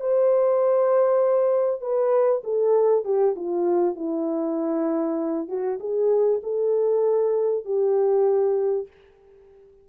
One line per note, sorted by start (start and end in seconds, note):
0.00 1.81 C5
1.81 2.42 B4
2.44 3.04 A4
3.04 3.35 G4
3.36 3.95 F4
3.95 5.48 E4
5.48 5.79 F#4
5.79 6.41 G#4
6.43 7.65 A4
7.65 8.87 G4